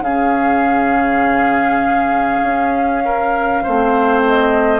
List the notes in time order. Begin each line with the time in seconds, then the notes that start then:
0.00 C#3 C#4 G#4 F5
2.43 C#4
3.05 A#4
3.63 A3 C4 C5
4.28 D#5